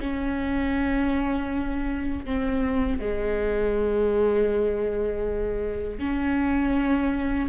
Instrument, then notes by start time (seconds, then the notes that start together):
viola
0.00 C#4
2.25 C4
2.99 G#3
5.99 C#4